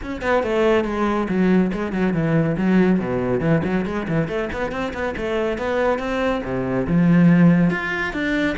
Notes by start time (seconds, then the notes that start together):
0.02 C#4
0.21 B3
0.43 A3
0.84 G#3
1.28 F#3
1.72 G#3
1.92 F#3
2.13 E3
2.57 F#3
2.99 B2
3.40 E3
3.64 F#3
3.85 G#3
4.08 E3
4.27 A3
4.52 B3
4.71 C4
4.93 B3
5.16 A3
5.57 B3
5.99 C4
6.44 C3
6.87 F3
7.70 F4
8.13 D4